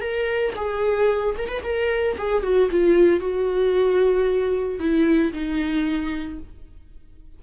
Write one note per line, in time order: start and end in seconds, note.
0.00 0.53 A#4
0.56 1.35 G#4
1.38 1.48 A#4
1.48 1.61 B4
1.63 2.16 A#4
2.17 2.43 G#4
2.43 2.69 F#4
2.71 3.20 F4
3.20 4.79 F#4
4.79 5.32 E4
5.32 6.39 D#4